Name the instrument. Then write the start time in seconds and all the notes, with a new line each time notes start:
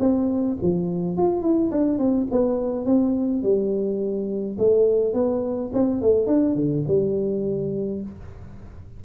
tuba
0.00 C4
0.62 F3
1.18 F4
1.42 E4
1.71 D4
1.99 C4
2.31 B3
2.86 C4
3.43 G3
4.58 A3
5.14 B3
5.74 C4
6.02 A3
6.27 D4
6.56 D3
6.88 G3